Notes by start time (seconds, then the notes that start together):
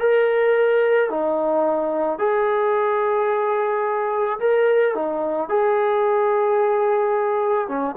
0.00 A#4
1.10 D#4
2.19 G#4
4.40 A#4
4.95 D#4
5.49 G#4
7.68 C#4